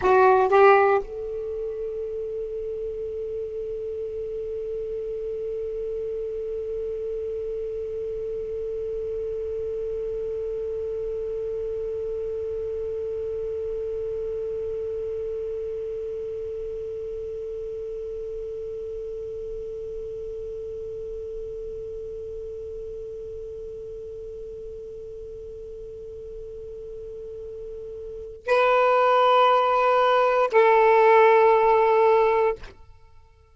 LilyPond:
\new Staff \with { instrumentName = "saxophone" } { \time 4/4 \tempo 4 = 59 fis'8 g'8 a'2.~ | a'1~ | a'1~ | a'1~ |
a'1~ | a'1~ | a'1 | b'2 a'2 | }